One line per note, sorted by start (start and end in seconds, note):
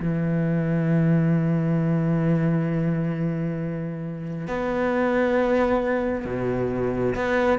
0.00 4.48 E3
4.48 6.25 B3
6.25 7.15 B2
7.16 7.59 B3